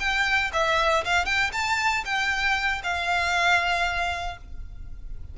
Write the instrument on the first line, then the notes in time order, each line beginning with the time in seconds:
violin
0.00 G5
0.53 E5
1.05 F5
1.26 G5
1.53 A5
2.05 G5
2.84 F5